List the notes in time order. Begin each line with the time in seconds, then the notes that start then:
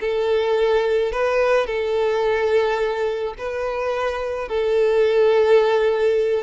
0.00 A4
1.12 B4
1.66 A4
3.38 B4
4.48 A4